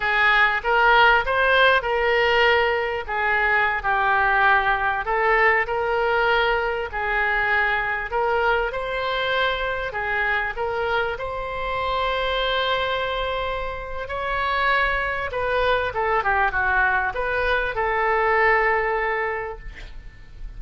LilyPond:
\new Staff \with { instrumentName = "oboe" } { \time 4/4 \tempo 4 = 98 gis'4 ais'4 c''4 ais'4~ | ais'4 gis'4~ gis'16 g'4.~ g'16~ | g'16 a'4 ais'2 gis'8.~ | gis'4~ gis'16 ais'4 c''4.~ c''16~ |
c''16 gis'4 ais'4 c''4.~ c''16~ | c''2. cis''4~ | cis''4 b'4 a'8 g'8 fis'4 | b'4 a'2. | }